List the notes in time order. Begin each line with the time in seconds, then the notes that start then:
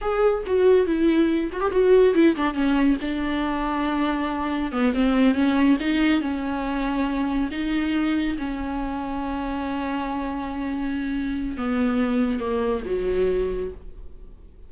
0.01 G#4
0.46 F#4
0.86 E4
1.52 F#4
1.60 G4
1.71 F#4
2.14 E4
2.36 D4
2.54 C#4
3.01 D4
4.71 B3
4.94 C4
5.34 C#4
5.80 D#4
6.21 C#4
7.51 D#4
8.38 C#4
11.57 B3
12.40 A#3
12.85 F#3